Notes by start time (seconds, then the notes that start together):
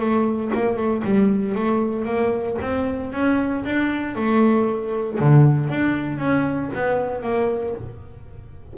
0.00 A3
0.55 A#3
0.77 A3
1.05 G3
1.55 A3
2.05 A#3
2.62 C4
3.13 C#4
3.65 D4
4.16 A3
5.20 D3
5.70 D4
6.19 C#4
6.75 B3
7.23 A#3